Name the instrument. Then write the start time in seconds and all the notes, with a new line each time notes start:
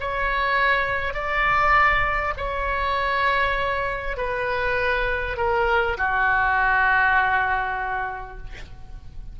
oboe
0.00 C#5
1.14 D5
2.37 C#5
4.17 B4
5.37 A#4
5.97 F#4